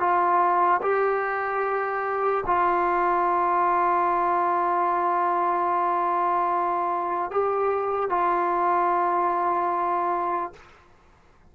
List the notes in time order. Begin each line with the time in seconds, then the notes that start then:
0.00 F4
0.82 G4
2.47 F4
7.31 G4
8.10 F4